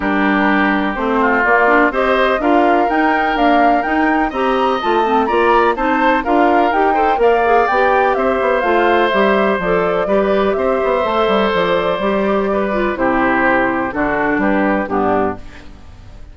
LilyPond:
<<
  \new Staff \with { instrumentName = "flute" } { \time 4/4 \tempo 4 = 125 ais'2 c''4 d''4 | dis''4 f''4 g''4 f''4 | g''4 ais''4 a''4 ais''4 | a''4 f''4 g''4 f''4 |
g''4 e''4 f''4 e''4 | d''2 e''2 | d''2. c''4~ | c''4 a'4 b'4 g'4 | }
  \new Staff \with { instrumentName = "oboe" } { \time 4/4 g'2~ g'8 f'4. | c''4 ais'2.~ | ais'4 dis''2 d''4 | c''4 ais'4. c''8 d''4~ |
d''4 c''2.~ | c''4 b'4 c''2~ | c''2 b'4 g'4~ | g'4 fis'4 g'4 d'4 | }
  \new Staff \with { instrumentName = "clarinet" } { \time 4/4 d'2 c'4 ais8 d'8 | g'4 f'4 dis'4 ais4 | dis'4 g'4 f'8 c'8 f'4 | dis'4 f'4 g'8 a'8 ais'8 gis'8 |
g'2 f'4 g'4 | a'4 g'2 a'4~ | a'4 g'4. f'8 e'4~ | e'4 d'2 b4 | }
  \new Staff \with { instrumentName = "bassoon" } { \time 4/4 g2 a4 ais4 | c'4 d'4 dis'4 d'4 | dis'4 c'4 a4 ais4 | c'4 d'4 dis'4 ais4 |
b4 c'8 b8 a4 g4 | f4 g4 c'8 b8 a8 g8 | f4 g2 c4~ | c4 d4 g4 g,4 | }
>>